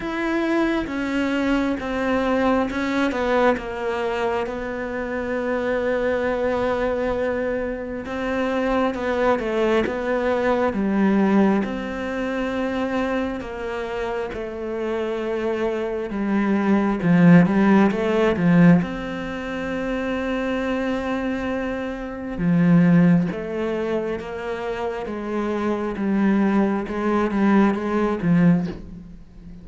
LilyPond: \new Staff \with { instrumentName = "cello" } { \time 4/4 \tempo 4 = 67 e'4 cis'4 c'4 cis'8 b8 | ais4 b2.~ | b4 c'4 b8 a8 b4 | g4 c'2 ais4 |
a2 g4 f8 g8 | a8 f8 c'2.~ | c'4 f4 a4 ais4 | gis4 g4 gis8 g8 gis8 f8 | }